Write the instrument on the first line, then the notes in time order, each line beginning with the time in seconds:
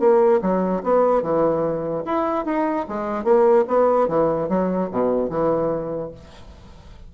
bassoon
0.00 A#3
0.42 F#3
0.83 B3
1.22 E3
2.06 E4
2.45 D#4
2.88 G#3
3.24 A#3
3.68 B3
4.09 E3
4.49 F#3
4.91 B2
5.30 E3